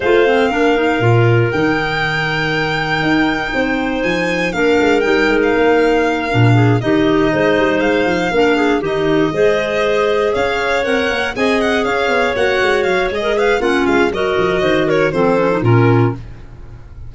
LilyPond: <<
  \new Staff \with { instrumentName = "violin" } { \time 4/4 \tempo 4 = 119 f''2. g''4~ | g''1 | gis''4 f''4 g''8. f''4~ f''16~ | f''4. dis''2 f''8~ |
f''4. dis''2~ dis''8~ | dis''8 f''4 fis''4 gis''8 fis''8 f''8~ | f''8 fis''4 f''8 dis''8 f''8 fis''8 f''8 | dis''4. cis''8 c''4 ais'4 | }
  \new Staff \with { instrumentName = "clarinet" } { \time 4/4 c''4 ais'2.~ | ais'2. c''4~ | c''4 ais'2.~ | ais'4 gis'8 g'4 c''4.~ |
c''8 ais'8 gis'8 g'4 c''4.~ | c''8 cis''2 dis''4 cis''8~ | cis''2~ cis''16 ais'16 b'8 f'4 | ais'4 c''8 ais'8 a'4 f'4 | }
  \new Staff \with { instrumentName = "clarinet" } { \time 4/4 f'8 c'8 d'8 dis'8 f'4 dis'4~ | dis'1~ | dis'4 d'4 dis'2~ | dis'8 d'4 dis'2~ dis'8~ |
dis'8 d'4 dis'4 gis'4.~ | gis'4. ais'4 gis'4.~ | gis'8 fis'4. gis'4 cis'4 | fis'2 c'8 cis'16 dis'16 cis'4 | }
  \new Staff \with { instrumentName = "tuba" } { \time 4/4 a4 ais4 ais,4 dis4~ | dis2 dis'4 c'4 | f4 ais8 gis8 g8 gis8 ais4~ | ais8 ais,4 dis4 gis8 g8 gis8 |
f8 ais4 dis4 gis4.~ | gis8 cis'4 c'8 ais8 c'4 cis'8 | b8 ais8 gis8 fis8 gis4 ais8 gis8 | fis8 f8 dis4 f4 ais,4 | }
>>